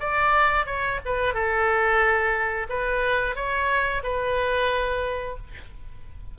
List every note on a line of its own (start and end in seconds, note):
0.00 0.66 D5
0.66 0.99 C#5
1.05 1.34 B4
1.34 2.67 A4
2.69 3.36 B4
3.36 4.02 C#5
4.03 5.37 B4